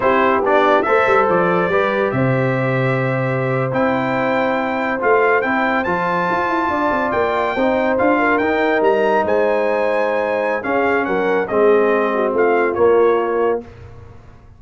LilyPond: <<
  \new Staff \with { instrumentName = "trumpet" } { \time 4/4 \tempo 4 = 141 c''4 d''4 e''4 d''4~ | d''4 e''2.~ | e''8. g''2. f''16~ | f''8. g''4 a''2~ a''16~ |
a''8. g''2 f''4 g''16~ | g''8. ais''4 gis''2~ gis''16~ | gis''4 f''4 fis''4 dis''4~ | dis''4 f''4 cis''2 | }
  \new Staff \with { instrumentName = "horn" } { \time 4/4 g'2 c''2 | b'4 c''2.~ | c''1~ | c''2.~ c''8. d''16~ |
d''4.~ d''16 c''4. ais'8.~ | ais'4.~ ais'16 c''2~ c''16~ | c''4 gis'4 ais'4 gis'4~ | gis'8 fis'8 f'2. | }
  \new Staff \with { instrumentName = "trombone" } { \time 4/4 e'4 d'4 a'2 | g'1~ | g'8. e'2. f'16~ | f'8. e'4 f'2~ f'16~ |
f'4.~ f'16 dis'4 f'4 dis'16~ | dis'1~ | dis'4 cis'2 c'4~ | c'2 ais2 | }
  \new Staff \with { instrumentName = "tuba" } { \time 4/4 c'4 b4 a8 g8 f4 | g4 c2.~ | c8. c'2. a16~ | a8. c'4 f4 f'8 e'8 d'16~ |
d'16 c'8 ais4 c'4 d'4 dis'16~ | dis'8. g4 gis2~ gis16~ | gis4 cis'4 fis4 gis4~ | gis4 a4 ais2 | }
>>